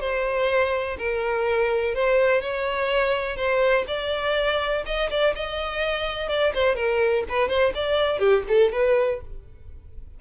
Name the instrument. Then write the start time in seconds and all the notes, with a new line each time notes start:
violin
0.00 C5
0.98 A#4
1.95 C5
2.41 C#5
3.36 C5
3.87 D5
4.85 D#5
5.10 D5
5.35 D#5
6.29 D5
6.54 C5
6.75 A#4
7.29 B4
7.48 C5
7.74 D5
8.19 G4
8.48 A4
8.72 B4